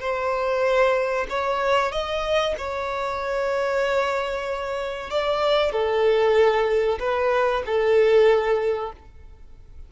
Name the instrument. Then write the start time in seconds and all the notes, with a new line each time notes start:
violin
0.00 C5
1.29 C#5
1.91 D#5
2.58 C#5
5.10 D5
5.72 A4
6.99 B4
7.66 A4